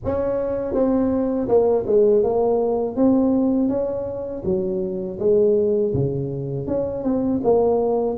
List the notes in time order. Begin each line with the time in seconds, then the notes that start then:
0.04 C#4
0.73 C4
1.48 A#3
1.86 G#3
2.23 A#3
2.96 C4
3.68 C#4
4.44 F#3
5.19 G#3
5.94 C#3
6.67 C#4
7.03 C4
7.43 A#3